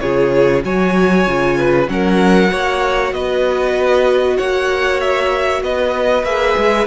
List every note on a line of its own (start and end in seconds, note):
0.00 0.64 C#3
0.00 0.63 F4
0.00 0.64 G#4
0.00 0.62 C#5
0.63 1.27 F#3
0.63 1.26 F#4
0.63 1.58 C#5
0.63 1.89 G#5
1.27 1.89 C#3
1.27 1.88 F4
1.58 1.90 B4
1.88 2.51 F#3
1.88 2.48 C#4
1.88 2.52 A#4
1.88 3.14 F#5
2.48 3.13 A#3
2.48 6.23 F#4
2.48 3.14 C#5
3.13 4.38 B3
3.13 4.37 B4
3.13 4.38 D#5
4.37 5.62 A#3
4.37 5.62 C#5
4.37 5.01 F#5
5.01 5.63 E5
5.62 6.24 B3
5.62 6.87 B4
5.62 6.25 D#5
6.24 6.55 A#3
6.24 6.87 G#4
6.24 6.87 E5
6.58 6.87 G#3